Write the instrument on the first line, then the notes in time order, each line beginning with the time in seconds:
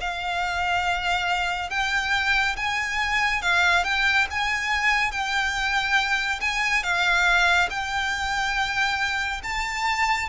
violin
0.00 F5
1.70 G5
2.56 G#5
3.42 F5
3.84 G5
4.30 G#5
5.11 G5
6.41 G#5
6.83 F5
7.69 G5
9.43 A5